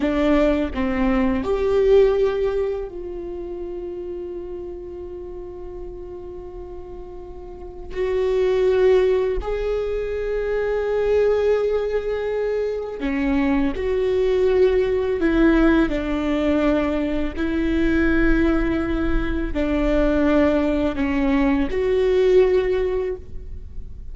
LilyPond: \new Staff \with { instrumentName = "viola" } { \time 4/4 \tempo 4 = 83 d'4 c'4 g'2 | f'1~ | f'2. fis'4~ | fis'4 gis'2.~ |
gis'2 cis'4 fis'4~ | fis'4 e'4 d'2 | e'2. d'4~ | d'4 cis'4 fis'2 | }